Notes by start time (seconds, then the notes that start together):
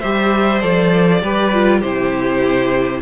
0.00 G3 G4 C5 E5
0.60 F3 A4 D5
1.22 G3 G4 B4
1.53 F4
1.79 C3 E4 G4 C5